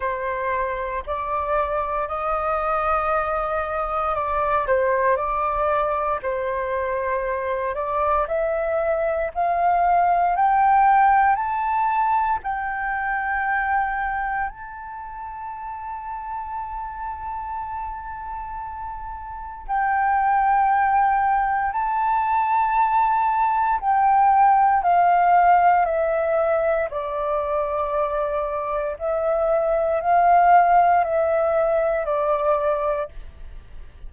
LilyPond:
\new Staff \with { instrumentName = "flute" } { \time 4/4 \tempo 4 = 58 c''4 d''4 dis''2 | d''8 c''8 d''4 c''4. d''8 | e''4 f''4 g''4 a''4 | g''2 a''2~ |
a''2. g''4~ | g''4 a''2 g''4 | f''4 e''4 d''2 | e''4 f''4 e''4 d''4 | }